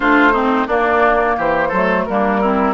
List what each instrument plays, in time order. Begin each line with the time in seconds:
0.00 bassoon A3, clarinet D4, oboe F4, flute C5
0.32 clarinet C4, oboe D#4
0.67 bassoon A#3, clarinet A#3, oboe D4, flute D5
1.37 bassoon E3, oboe G4, flute C5
1.68 bassoon F#3, oboe A4
1.75 clarinet A3
2.05 bassoon G3, clarinet A#3, oboe D4, flute A#4
2.40 clarinet C4, oboe E4